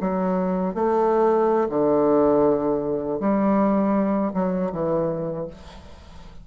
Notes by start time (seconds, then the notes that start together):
0.00 F#3
0.74 A3
1.69 D3
3.19 G3
4.33 F#3
4.72 E3